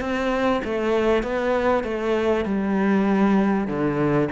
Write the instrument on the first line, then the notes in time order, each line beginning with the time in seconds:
cello
0.00 C4
0.64 A3
1.23 B3
1.83 A3
2.45 G3
3.67 D3